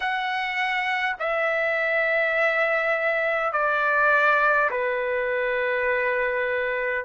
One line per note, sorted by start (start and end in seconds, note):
0.00 1.16 F#5
1.19 3.52 E5
3.52 4.70 D5
4.70 7.05 B4